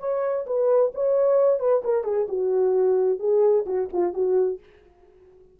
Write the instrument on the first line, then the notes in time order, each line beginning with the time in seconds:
horn
0.00 C#5
0.47 B4
0.95 C#5
1.60 B4
1.84 A#4
2.04 G#4
2.29 F#4
3.19 G#4
3.66 F#4
3.93 F4
4.14 F#4